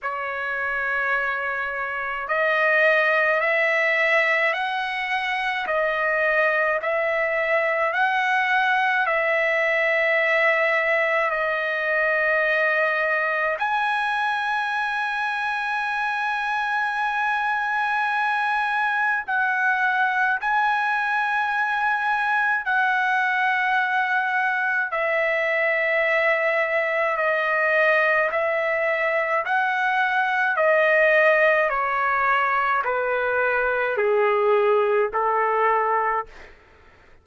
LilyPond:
\new Staff \with { instrumentName = "trumpet" } { \time 4/4 \tempo 4 = 53 cis''2 dis''4 e''4 | fis''4 dis''4 e''4 fis''4 | e''2 dis''2 | gis''1~ |
gis''4 fis''4 gis''2 | fis''2 e''2 | dis''4 e''4 fis''4 dis''4 | cis''4 b'4 gis'4 a'4 | }